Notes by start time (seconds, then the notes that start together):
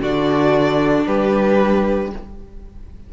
0.00 D3 D4 F#4 D5
1.07 G3 G4 B4